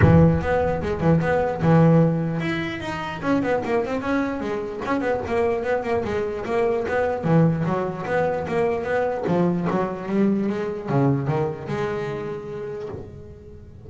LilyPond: \new Staff \with { instrumentName = "double bass" } { \time 4/4 \tempo 4 = 149 e4 b4 gis8 e8 b4 | e2 e'4 dis'4 | cis'8 b8 ais8 c'8 cis'4 gis4 | cis'8 b8 ais4 b8 ais8 gis4 |
ais4 b4 e4 fis4 | b4 ais4 b4 f4 | fis4 g4 gis4 cis4 | dis4 gis2. | }